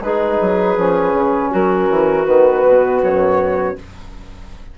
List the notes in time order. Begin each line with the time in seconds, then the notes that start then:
0.00 G#3 D#4 G#4 B4
0.41 F#3
0.77 F3 C#4
1.13 C#3
1.50 F#3 F#4 A#4
1.89 E3
2.25 D#3 B3 B4
2.66 B2
3.02 F#2 C#5